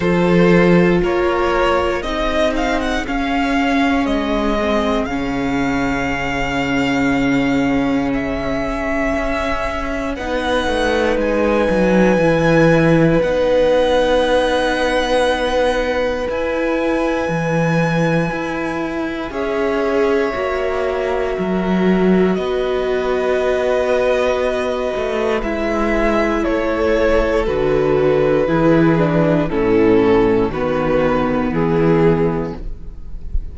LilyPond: <<
  \new Staff \with { instrumentName = "violin" } { \time 4/4 \tempo 4 = 59 c''4 cis''4 dis''8 f''16 fis''16 f''4 | dis''4 f''2. | e''2 fis''4 gis''4~ | gis''4 fis''2. |
gis''2. e''4~ | e''2 dis''2~ | dis''4 e''4 cis''4 b'4~ | b'4 a'4 b'4 gis'4 | }
  \new Staff \with { instrumentName = "violin" } { \time 4/4 a'4 ais'4 gis'2~ | gis'1~ | gis'2 b'2~ | b'1~ |
b'2. cis''4~ | cis''4 ais'4 b'2~ | b'2 a'2 | gis'4 e'4 fis'4 e'4 | }
  \new Staff \with { instrumentName = "viola" } { \time 4/4 f'2 dis'4 cis'4~ | cis'8 c'8 cis'2.~ | cis'2 dis'2 | e'4 dis'2. |
e'2. gis'4 | fis'1~ | fis'4 e'2 fis'4 | e'8 d'8 cis'4 b2 | }
  \new Staff \with { instrumentName = "cello" } { \time 4/4 f4 ais4 c'4 cis'4 | gis4 cis2.~ | cis4 cis'4 b8 a8 gis8 fis8 | e4 b2. |
e'4 e4 e'4 cis'4 | ais4 fis4 b2~ | b8 a8 gis4 a4 d4 | e4 a,4 dis4 e4 | }
>>